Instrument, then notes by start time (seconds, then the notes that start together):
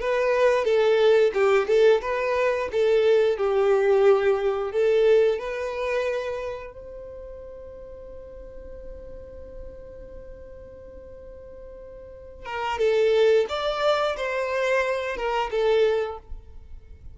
violin
0.00 B4
0.64 A4
1.34 G4
1.67 A4
2.01 B4
2.72 A4
3.37 G4
4.72 A4
5.38 B4
6.73 C5
12.45 A#4
12.78 A4
13.49 D5
14.16 C5
15.16 A#4
15.51 A4